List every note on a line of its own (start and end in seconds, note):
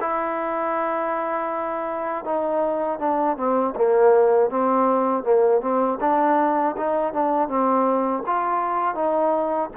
0.00 2.25 E4
2.25 2.99 D#4
2.99 3.36 D4
3.37 3.74 C4
3.75 4.50 A#3
4.50 5.23 C4
5.23 5.61 A#3
5.61 5.98 C4
6.00 6.75 D4
6.76 7.13 D#4
7.13 7.48 D4
7.48 8.23 C4
8.26 8.95 F4
8.95 9.70 D#4